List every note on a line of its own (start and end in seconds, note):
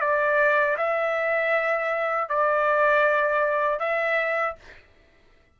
0.00 0.76 D5
0.77 2.29 E5
2.29 3.79 D5
3.79 4.55 E5